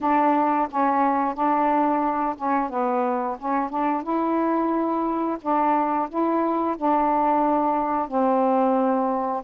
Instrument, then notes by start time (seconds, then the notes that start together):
saxophone
0.01 D4
0.70 C#4
1.34 D4
2.36 C#4
2.69 B3
3.38 C#4
3.69 D4
4.03 E4
5.41 D4
6.09 E4
6.77 D4
8.08 C4